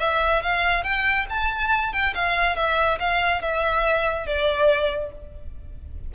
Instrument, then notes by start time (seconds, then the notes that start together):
violin
0.00 E5
0.43 F5
0.84 G5
1.30 A5
1.93 G5
2.15 F5
2.56 E5
3.00 F5
3.42 E5
4.27 D5